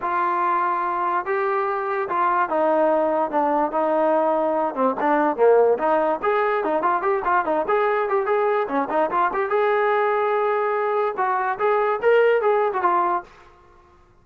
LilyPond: \new Staff \with { instrumentName = "trombone" } { \time 4/4 \tempo 4 = 145 f'2. g'4~ | g'4 f'4 dis'2 | d'4 dis'2~ dis'8 c'8 | d'4 ais4 dis'4 gis'4 |
dis'8 f'8 g'8 f'8 dis'8 gis'4 g'8 | gis'4 cis'8 dis'8 f'8 g'8 gis'4~ | gis'2. fis'4 | gis'4 ais'4 gis'8. fis'16 f'4 | }